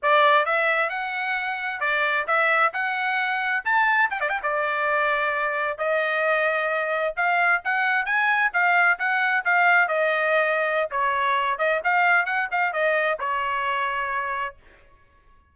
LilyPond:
\new Staff \with { instrumentName = "trumpet" } { \time 4/4 \tempo 4 = 132 d''4 e''4 fis''2 | d''4 e''4 fis''2 | a''4 g''16 d''16 g''16 d''2~ d''16~ | d''8. dis''2. f''16~ |
f''8. fis''4 gis''4 f''4 fis''16~ | fis''8. f''4 dis''2~ dis''16 | cis''4. dis''8 f''4 fis''8 f''8 | dis''4 cis''2. | }